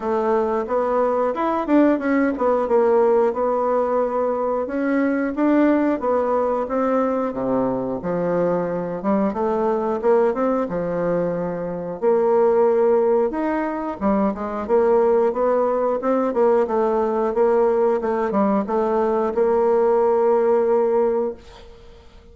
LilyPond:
\new Staff \with { instrumentName = "bassoon" } { \time 4/4 \tempo 4 = 90 a4 b4 e'8 d'8 cis'8 b8 | ais4 b2 cis'4 | d'4 b4 c'4 c4 | f4. g8 a4 ais8 c'8 |
f2 ais2 | dis'4 g8 gis8 ais4 b4 | c'8 ais8 a4 ais4 a8 g8 | a4 ais2. | }